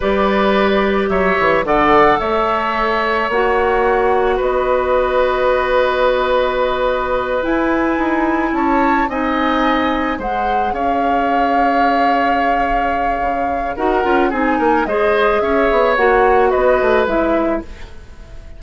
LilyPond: <<
  \new Staff \with { instrumentName = "flute" } { \time 4/4 \tempo 4 = 109 d''2 e''4 fis''4 | e''2 fis''2 | dis''1~ | dis''4. gis''2 a''8~ |
a''8 gis''2 fis''4 f''8~ | f''1~ | f''4 fis''4 gis''4 dis''4 | e''4 fis''4 dis''4 e''4 | }
  \new Staff \with { instrumentName = "oboe" } { \time 4/4 b'2 cis''4 d''4 | cis''1 | b'1~ | b'2.~ b'8 cis''8~ |
cis''8 dis''2 c''4 cis''8~ | cis''1~ | cis''4 ais'4 gis'8 ais'8 c''4 | cis''2 b'2 | }
  \new Staff \with { instrumentName = "clarinet" } { \time 4/4 g'2. a'4~ | a'2 fis'2~ | fis'1~ | fis'4. e'2~ e'8~ |
e'8 dis'2 gis'4.~ | gis'1~ | gis'4 fis'8 f'8 dis'4 gis'4~ | gis'4 fis'2 e'4 | }
  \new Staff \with { instrumentName = "bassoon" } { \time 4/4 g2 fis8 e8 d4 | a2 ais2 | b1~ | b4. e'4 dis'4 cis'8~ |
cis'8 c'2 gis4 cis'8~ | cis'1 | cis4 dis'8 cis'8 c'8 ais8 gis4 | cis'8 b8 ais4 b8 a8 gis4 | }
>>